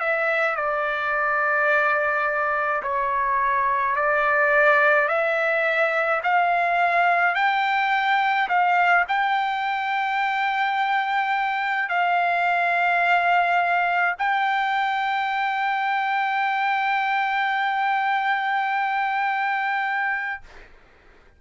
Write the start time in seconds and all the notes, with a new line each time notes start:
0.00 E5
0.56 D5
2.83 C#5
3.96 D5
5.08 E5
6.24 F5
7.35 G5
8.49 F5
9.08 G5
11.89 F5
14.19 G5